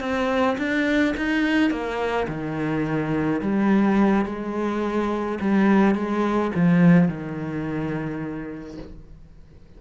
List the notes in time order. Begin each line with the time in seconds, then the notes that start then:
0.00 C4
0.57 D4
1.17 D#4
1.70 A#3
2.27 D#3
3.41 G3
4.25 G#3
5.40 G3
5.95 G#3
6.55 F3
7.08 D#3